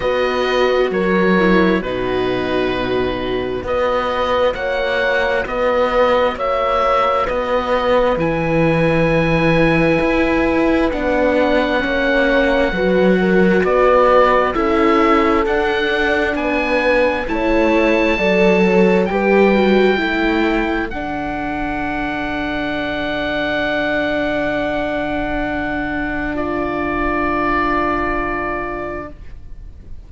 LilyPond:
<<
  \new Staff \with { instrumentName = "oboe" } { \time 4/4 \tempo 4 = 66 dis''4 cis''4 b'2 | dis''4 fis''4 dis''4 e''4 | dis''4 gis''2. | fis''2. d''4 |
e''4 fis''4 gis''4 a''4~ | a''4 g''2 fis''4~ | fis''1~ | fis''4 d''2. | }
  \new Staff \with { instrumentName = "horn" } { \time 4/4 b'4 ais'4 fis'2 | b'4 cis''4 b'4 cis''4 | b'1~ | b'4 cis''4 b'8 ais'8 b'4 |
a'2 b'4 cis''4 | d''8 cis''8 b'4 a'2~ | a'1~ | a'4 f'2. | }
  \new Staff \with { instrumentName = "viola" } { \time 4/4 fis'4. e'8 dis'2 | fis'1~ | fis'4 e'2. | d'4 cis'4 fis'2 |
e'4 d'2 e'4 | a'4 g'8 fis'8 e'4 d'4~ | d'1~ | d'1 | }
  \new Staff \with { instrumentName = "cello" } { \time 4/4 b4 fis4 b,2 | b4 ais4 b4 ais4 | b4 e2 e'4 | b4 ais4 fis4 b4 |
cis'4 d'4 b4 a4 | fis4 g4 a4 d4~ | d1~ | d1 | }
>>